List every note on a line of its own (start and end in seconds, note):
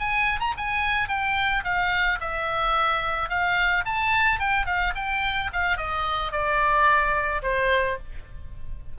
0.00 0.41 G#5
0.41 0.54 A#5
0.58 1.09 G#5
1.09 1.64 G5
1.64 2.19 F5
2.21 3.30 E5
3.30 3.85 F5
3.86 4.40 A5
4.40 4.66 G5
4.66 4.94 F5
4.96 5.51 G5
5.53 5.77 F5
5.77 6.32 D#5
6.32 7.42 D5
7.43 7.98 C5